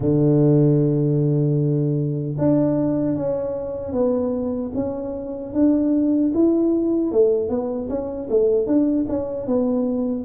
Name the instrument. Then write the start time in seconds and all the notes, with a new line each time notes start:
tuba
0.00 D3
2.38 D4
3.15 C#4
3.92 B3
4.74 C#4
5.53 D4
6.34 E4
7.11 A3
7.49 B3
7.89 C#4
8.30 A3
8.66 D4
9.08 C#4
9.47 B3